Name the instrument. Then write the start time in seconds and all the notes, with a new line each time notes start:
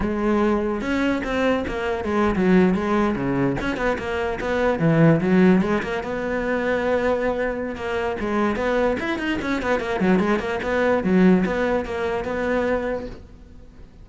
cello
0.00 G#3
0.81 C#4
1.24 C4
1.67 A#3
2.04 G#3
2.35 F#3
2.74 G#3
3.15 C#3
3.60 C#4
3.76 B3
3.98 A#3
4.40 B3
4.79 E3
5.20 F#3
5.61 G#3
5.82 A#3
6.03 B3
7.75 A#3
8.20 G#3
8.55 B3
8.99 E4
9.18 D#4
9.41 C#4
9.62 B3
9.80 A#3
10.00 F#3
10.19 G#3
10.39 A#3
10.62 B3
11.03 F#3
11.45 B3
11.85 A#3
12.24 B3